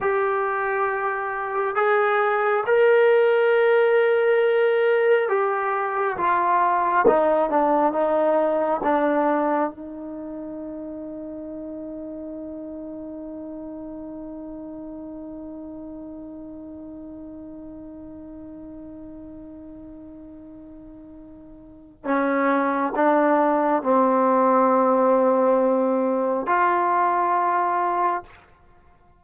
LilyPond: \new Staff \with { instrumentName = "trombone" } { \time 4/4 \tempo 4 = 68 g'2 gis'4 ais'4~ | ais'2 g'4 f'4 | dis'8 d'8 dis'4 d'4 dis'4~ | dis'1~ |
dis'1~ | dis'1~ | dis'4 cis'4 d'4 c'4~ | c'2 f'2 | }